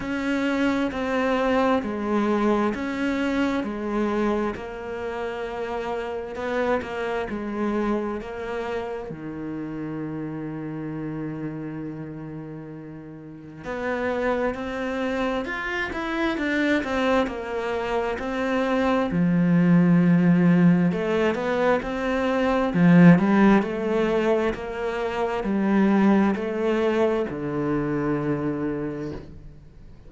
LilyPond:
\new Staff \with { instrumentName = "cello" } { \time 4/4 \tempo 4 = 66 cis'4 c'4 gis4 cis'4 | gis4 ais2 b8 ais8 | gis4 ais4 dis2~ | dis2. b4 |
c'4 f'8 e'8 d'8 c'8 ais4 | c'4 f2 a8 b8 | c'4 f8 g8 a4 ais4 | g4 a4 d2 | }